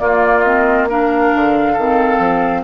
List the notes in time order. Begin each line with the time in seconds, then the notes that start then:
0.00 A#3 F4 D5
0.43 C4 D#5
0.90 D4 A#4 F5
1.35 D3
1.73 D#3 A4
1.80 C4
2.19 F3